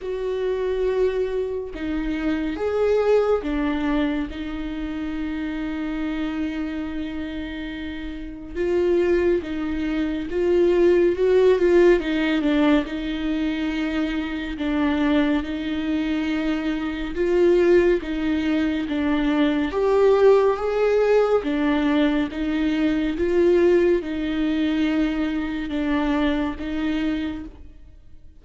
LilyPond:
\new Staff \with { instrumentName = "viola" } { \time 4/4 \tempo 4 = 70 fis'2 dis'4 gis'4 | d'4 dis'2.~ | dis'2 f'4 dis'4 | f'4 fis'8 f'8 dis'8 d'8 dis'4~ |
dis'4 d'4 dis'2 | f'4 dis'4 d'4 g'4 | gis'4 d'4 dis'4 f'4 | dis'2 d'4 dis'4 | }